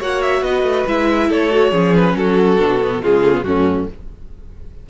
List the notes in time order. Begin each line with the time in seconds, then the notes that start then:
0.00 A#3 F#4 C#5 F#5
0.22 E5
0.42 B3 B4 D#5
0.63 A3
0.87 G#3 E4 E5
1.29 A3 A4 C#5
1.51 F#4
1.71 F3 C#4 G#4
1.96 B4
2.15 F#3 F#4 A4
2.59 B2 D4
2.82 B3
3.03 C#3 G#3 F4 G#4
3.25 A3
3.33 B3
3.44 F#2 A3 C#4 F#4